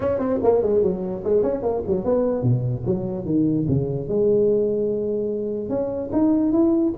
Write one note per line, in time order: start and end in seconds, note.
0.00 0.19 C#4
0.19 0.39 C4
0.43 0.62 A#3
0.62 0.82 G#3
0.82 1.23 F#3
1.24 1.42 G#3
1.42 1.62 C#4
1.62 1.83 A#3
1.87 2.04 F#3
2.04 2.42 B3
2.42 2.83 B2
2.86 3.25 F#3
3.25 3.66 D#3
3.68 4.08 C#3
4.08 5.69 G#3
5.69 6.10 C#4
6.12 6.52 D#4
6.52 6.93 E4